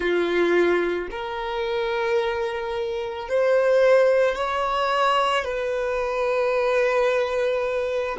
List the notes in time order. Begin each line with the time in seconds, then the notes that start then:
0.00 F4
1.11 A#4
3.28 C5
4.35 C#5
5.44 B4